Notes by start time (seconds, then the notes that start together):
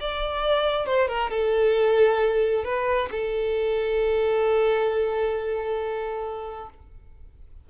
0.00 D5
0.86 C5
1.08 A#4
1.30 A4
2.64 B4
3.11 A4